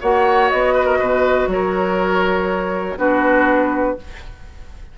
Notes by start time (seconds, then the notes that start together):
0.00 A#3 F#4 C#5 F#5
0.49 B3 D#5
0.73 B4
0.85 A#4
0.98 B2 B4
1.47 F#3 A#4 C#5
2.97 B3 D4 F#4 B4